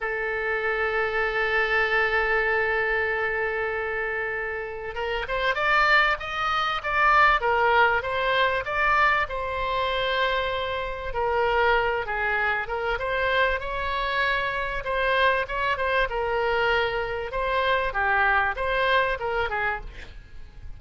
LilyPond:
\new Staff \with { instrumentName = "oboe" } { \time 4/4 \tempo 4 = 97 a'1~ | a'1 | ais'8 c''8 d''4 dis''4 d''4 | ais'4 c''4 d''4 c''4~ |
c''2 ais'4. gis'8~ | gis'8 ais'8 c''4 cis''2 | c''4 cis''8 c''8 ais'2 | c''4 g'4 c''4 ais'8 gis'8 | }